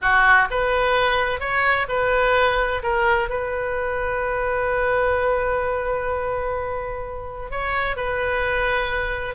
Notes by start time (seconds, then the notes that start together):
0.01 F#4
0.50 B4
1.40 C#5
1.88 B4
2.82 A#4
3.29 B4
7.50 C#5
7.96 B4